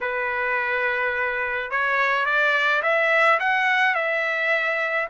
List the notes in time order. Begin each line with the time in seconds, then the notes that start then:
0.01 B4
1.70 C#5
2.25 D5
2.82 E5
3.39 F#5
3.94 E5